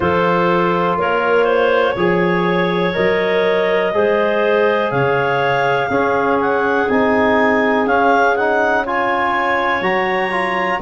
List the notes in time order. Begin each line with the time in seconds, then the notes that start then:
0.00 F3 F4 A4 C5
0.96 A#3 A#4 C#5
1.44 C5
1.95 F3 G#4 C#5
2.93 F#3 A#4 D#5
3.93 G#3 G#4 C5
4.90 C#3 C#5 F5
5.89 C#4 G#4
6.40 F#5
6.89 C4 D#4 G#5
7.86 C#4 F5
8.35 D#4 F#5
8.84 F4 C#5 G#5
9.81 F#3 F#4 A#5
10.31 F4